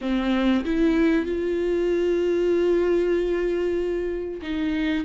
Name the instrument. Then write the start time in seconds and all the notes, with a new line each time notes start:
viola
0.01 C4
0.64 E4
1.25 F4
4.42 D#4